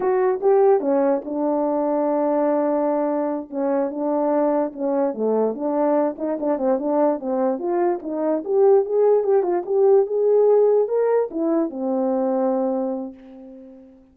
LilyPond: \new Staff \with { instrumentName = "horn" } { \time 4/4 \tempo 4 = 146 fis'4 g'4 cis'4 d'4~ | d'1~ | d'8 cis'4 d'2 cis'8~ | cis'8 a4 d'4. dis'8 d'8 |
c'8 d'4 c'4 f'4 dis'8~ | dis'8 g'4 gis'4 g'8 f'8 g'8~ | g'8 gis'2 ais'4 e'8~ | e'8 c'2.~ c'8 | }